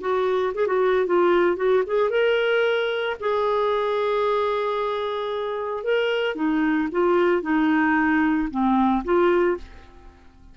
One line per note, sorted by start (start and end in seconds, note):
0.00 0.53 F#4
0.54 0.67 G#4
0.67 1.06 F#4
1.06 1.56 F4
1.56 1.83 F#4
1.86 2.10 G#4
2.10 3.16 A#4
3.20 5.84 G#4
5.84 6.35 A#4
6.35 6.88 D#4
6.91 7.42 F4
7.42 8.48 D#4
8.50 9.04 C4
9.04 9.57 F4